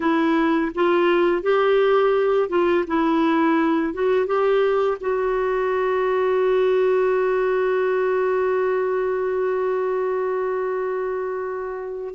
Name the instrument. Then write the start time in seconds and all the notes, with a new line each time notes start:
clarinet
0.00 E4
0.74 F4
1.42 G4
2.49 F4
2.87 E4
3.93 F#4
4.26 G4
5.00 F#4